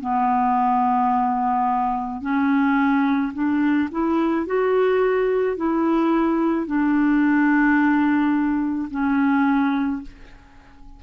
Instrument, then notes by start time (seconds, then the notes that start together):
clarinet
0.00 B3
2.22 C#4
3.33 D4
3.91 E4
4.46 F#4
5.57 E4
6.67 D4
8.91 C#4